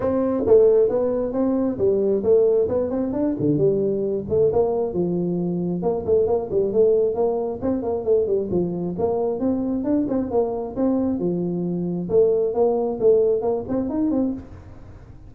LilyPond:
\new Staff \with { instrumentName = "tuba" } { \time 4/4 \tempo 4 = 134 c'4 a4 b4 c'4 | g4 a4 b8 c'8 d'8 d8 | g4. a8 ais4 f4~ | f4 ais8 a8 ais8 g8 a4 |
ais4 c'8 ais8 a8 g8 f4 | ais4 c'4 d'8 c'8 ais4 | c'4 f2 a4 | ais4 a4 ais8 c'8 dis'8 c'8 | }